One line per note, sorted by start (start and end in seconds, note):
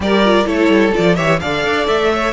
0.00 0.45 G3
0.00 0.23 G4
0.00 0.46 A#4
0.00 0.47 D5
0.24 0.45 F4
0.45 0.68 A3
0.45 0.92 E4
0.45 1.16 A4
0.45 0.94 C#5
0.68 0.92 G3
0.93 1.18 F3
0.93 1.16 F4
0.93 1.15 D5
1.15 1.41 E3
1.15 1.40 G4
1.15 1.39 C#5
1.15 1.39 E5
1.39 1.64 D3
1.39 2.33 A4
1.39 2.11 D5
1.39 1.86 F5
1.64 1.87 D4
1.87 2.33 A3
1.87 2.33 E5
2.12 2.33 C#5